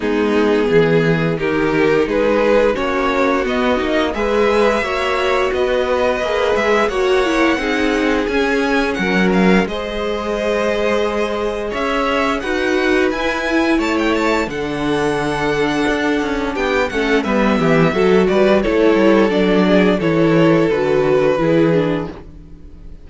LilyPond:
<<
  \new Staff \with { instrumentName = "violin" } { \time 4/4 \tempo 4 = 87 gis'2 ais'4 b'4 | cis''4 dis''4 e''2 | dis''4. e''8 fis''2 | gis''4 fis''8 f''8 dis''2~ |
dis''4 e''4 fis''4 gis''4 | a''16 g''16 a''8 fis''2. | g''8 fis''8 e''4. d''8 cis''4 | d''4 cis''4 b'2 | }
  \new Staff \with { instrumentName = "violin" } { \time 4/4 dis'4 gis'4 g'4 gis'4 | fis'2 b'4 cis''4 | b'2 cis''4 gis'4~ | gis'4 ais'4 c''2~ |
c''4 cis''4 b'2 | cis''4 a'2. | g'8 a'8 b'8 g'8 a'8 b'8 a'4~ | a'8 gis'8 a'2 gis'4 | }
  \new Staff \with { instrumentName = "viola" } { \time 4/4 b2 dis'2 | cis'4 b8 dis'8 gis'4 fis'4~ | fis'4 gis'4 fis'8 e'8 dis'4 | cis'2 gis'2~ |
gis'2 fis'4 e'4~ | e'4 d'2.~ | d'8 cis'8 b4 fis'4 e'4 | d'4 e'4 fis'4 e'8 d'8 | }
  \new Staff \with { instrumentName = "cello" } { \time 4/4 gis4 e4 dis4 gis4 | ais4 b8 ais8 gis4 ais4 | b4 ais8 gis8 ais4 c'4 | cis'4 fis4 gis2~ |
gis4 cis'4 dis'4 e'4 | a4 d2 d'8 cis'8 | b8 a8 g8 e8 fis8 g8 a8 g8 | fis4 e4 d4 e4 | }
>>